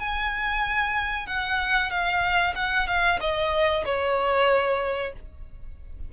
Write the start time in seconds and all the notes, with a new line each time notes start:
0.00 G#5
1.27 F#5
1.91 F5
2.56 F#5
2.88 F5
3.21 D#5
3.86 C#5